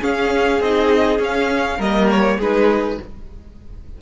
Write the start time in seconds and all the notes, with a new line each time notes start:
0.00 C#4 G#4 F5
0.60 C4 D#4 D#5
1.18 C#4 F5
1.78 G3 A#3 A#4 D#5
2.11 C#5
2.38 G#3 D#4 G#4 B4